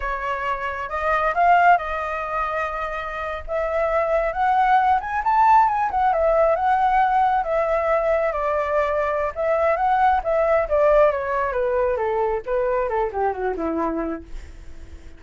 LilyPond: \new Staff \with { instrumentName = "flute" } { \time 4/4 \tempo 4 = 135 cis''2 dis''4 f''4 | dis''2.~ dis''8. e''16~ | e''4.~ e''16 fis''4. gis''8 a''16~ | a''8. gis''8 fis''8 e''4 fis''4~ fis''16~ |
fis''8. e''2 d''4~ d''16~ | d''4 e''4 fis''4 e''4 | d''4 cis''4 b'4 a'4 | b'4 a'8 g'8 fis'8 e'4. | }